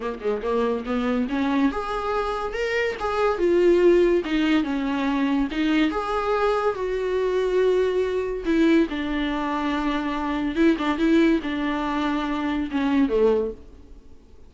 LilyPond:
\new Staff \with { instrumentName = "viola" } { \time 4/4 \tempo 4 = 142 ais8 gis8 ais4 b4 cis'4 | gis'2 ais'4 gis'4 | f'2 dis'4 cis'4~ | cis'4 dis'4 gis'2 |
fis'1 | e'4 d'2.~ | d'4 e'8 d'8 e'4 d'4~ | d'2 cis'4 a4 | }